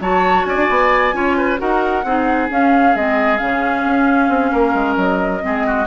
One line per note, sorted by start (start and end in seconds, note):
0.00 0.45 F#3
0.00 1.13 F#4
0.00 0.47 C#5
0.00 0.45 A5
0.45 0.56 C#4
0.45 1.15 D5
0.45 1.57 G#5
0.56 0.68 D4
0.69 1.14 B3
1.13 1.59 C#4
1.13 1.57 F4
1.13 1.37 C#5
1.37 1.60 B4
1.57 2.04 D#4
1.57 2.02 F#4
1.57 2.05 A#4
1.57 2.49 F#5
2.04 2.49 C4
2.04 2.49 D#4
2.04 4.52 G#4
2.49 2.94 C#4
2.49 2.95 C#4
2.49 2.96 F5
2.95 3.40 G#3
2.95 3.38 C4
2.95 3.38 D#5
3.38 3.84 C#3
3.38 5.41 C#4
3.38 4.96 F5
3.84 4.28 C#4
4.28 4.51 C4
4.52 4.74 A#3
4.52 5.42 A#4
4.74 4.96 G#3
4.97 5.42 F#3
4.97 5.87 D#5
5.41 5.87 G#3
5.41 5.86 C4
5.41 5.67 G#4
5.67 5.87 F#4